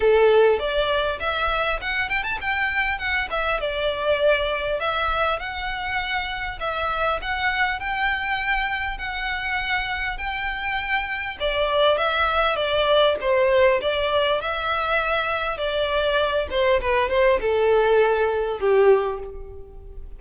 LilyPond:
\new Staff \with { instrumentName = "violin" } { \time 4/4 \tempo 4 = 100 a'4 d''4 e''4 fis''8 g''16 a''16 | g''4 fis''8 e''8 d''2 | e''4 fis''2 e''4 | fis''4 g''2 fis''4~ |
fis''4 g''2 d''4 | e''4 d''4 c''4 d''4 | e''2 d''4. c''8 | b'8 c''8 a'2 g'4 | }